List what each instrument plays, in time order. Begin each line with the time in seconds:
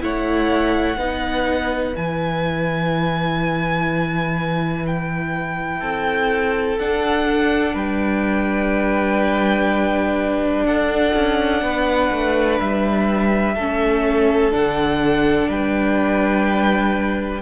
0.00 cello A3, viola E4, violin C#5 F#5
0.97 cello B3, viola D#4, violin B4
1.95 cello E3, viola E4, violin G#5
4.86 violin G5
5.80 cello C4, violin A4
6.78 viola D4, cello D4, violin F#5
7.73 cello G3, violin B4 G5
10.64 cello D4, violin A4 F#5
11.14 cello C#4
11.61 cello B3, violin B4
12.11 cello A3
12.59 cello G3, violin E5
13.55 cello A3, viola C#4, violin A4
14.51 cello D3, viola D4, violin F#5
15.48 cello G3, violin B4 G5